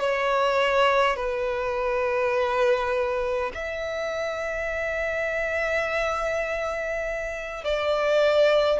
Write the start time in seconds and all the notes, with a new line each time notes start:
0.00 C#5
1.17 B4
3.54 E5
7.64 D5